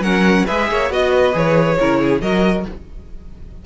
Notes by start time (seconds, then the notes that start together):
0.00 F#3 C#4 A#4 F#5
0.46 G#3 G#4 B4 E5
0.71 A#3 C#5
0.90 B3 F#4 D#5
1.12 B4
1.33 E3 G#4 C#5
1.80 C#3 E4 A#4
2.01 G#4
2.21 F#3 F#4 A#4 D#5